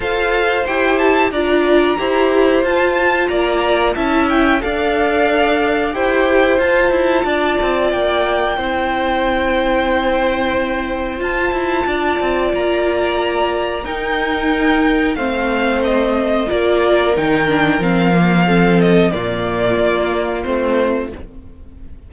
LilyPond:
<<
  \new Staff \with { instrumentName = "violin" } { \time 4/4 \tempo 4 = 91 f''4 g''8 a''8 ais''2 | a''4 ais''4 a''8 g''8 f''4~ | f''4 g''4 a''2 | g''1~ |
g''4 a''2 ais''4~ | ais''4 g''2 f''4 | dis''4 d''4 g''4 f''4~ | f''8 dis''8 d''2 c''4 | }
  \new Staff \with { instrumentName = "violin" } { \time 4/4 c''2 d''4 c''4~ | c''4 d''4 e''4 d''4~ | d''4 c''2 d''4~ | d''4 c''2.~ |
c''2 d''2~ | d''4 ais'2 c''4~ | c''4 ais'2. | a'4 f'2. | }
  \new Staff \with { instrumentName = "viola" } { \time 4/4 a'4 g'4 f'4 g'4 | f'2 e'4 a'4~ | a'4 g'4 f'2~ | f'4 e'2.~ |
e'4 f'2.~ | f'4 dis'2 c'4~ | c'4 f'4 dis'8 d'8 c'8 ais8 | c'4 ais2 c'4 | }
  \new Staff \with { instrumentName = "cello" } { \time 4/4 f'4 e'4 d'4 e'4 | f'4 ais4 cis'4 d'4~ | d'4 e'4 f'8 e'8 d'8 c'8 | ais4 c'2.~ |
c'4 f'8 e'8 d'8 c'8 ais4~ | ais4 dis'2 a4~ | a4 ais4 dis4 f4~ | f4 ais,4 ais4 a4 | }
>>